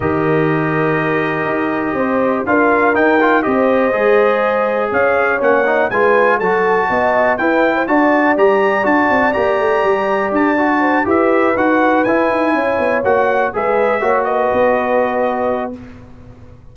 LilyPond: <<
  \new Staff \with { instrumentName = "trumpet" } { \time 4/4 \tempo 4 = 122 dis''1~ | dis''4 f''4 g''4 dis''4~ | dis''2 f''4 fis''4 | gis''4 a''2 g''4 |
a''4 ais''4 a''4 ais''4~ | ais''4 a''4. e''4 fis''8~ | fis''8 gis''2 fis''4 e''8~ | e''4 dis''2. | }
  \new Staff \with { instrumentName = "horn" } { \time 4/4 ais'1 | c''4 ais'2 c''4~ | c''2 cis''2 | b'4 a'4 dis''4 b'8. c''16 |
d''1~ | d''2 c''8 b'4.~ | b'4. cis''2 b'8~ | b'8 cis''8 b'2. | }
  \new Staff \with { instrumentName = "trombone" } { \time 4/4 g'1~ | g'4 f'4 dis'8 f'8 g'4 | gis'2. cis'8 dis'8 | f'4 fis'2 e'4 |
fis'4 g'4 fis'4 g'4~ | g'4. fis'4 g'4 fis'8~ | fis'8 e'2 fis'4 gis'8~ | gis'8 fis'2.~ fis'8 | }
  \new Staff \with { instrumentName = "tuba" } { \time 4/4 dis2. dis'4 | c'4 d'4 dis'4 c'4 | gis2 cis'4 ais4 | gis4 fis4 b4 e'4 |
d'4 g4 d'8 c'8 ais8 a8 | g4 d'4. e'4 dis'8~ | dis'8 e'8 dis'8 cis'8 b8 ais4 gis8~ | gis8 ais4 b2~ b8 | }
>>